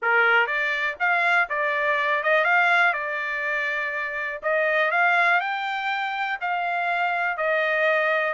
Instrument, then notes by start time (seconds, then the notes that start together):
trumpet
0.02 A#4
0.46 D5
0.99 F5
1.49 D5
2.23 D#5
2.44 F5
2.93 D5
4.42 D#5
4.91 F5
5.40 G5
6.40 F5
7.37 D#5